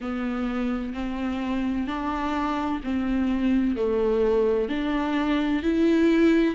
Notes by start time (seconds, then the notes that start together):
0.00 B3
0.93 C4
1.87 D4
2.83 C4
3.75 A3
4.69 D4
5.62 E4